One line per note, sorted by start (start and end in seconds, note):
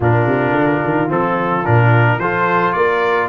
0.00 0.26 A#2
0.00 1.08 D4
0.00 2.20 F4
0.00 1.11 A#4
0.26 0.51 C3
0.51 0.79 D3
0.84 1.09 D#3
1.08 1.64 F3
1.08 1.63 C4
1.08 1.65 A4
1.64 2.18 A#2
1.64 2.19 D4
1.64 2.19 A#4
2.18 2.73 F3
2.18 3.29 F4
2.18 2.75 A4
2.18 2.72 C5
2.72 3.29 A#3
2.72 3.29 A#4
2.72 3.28 D5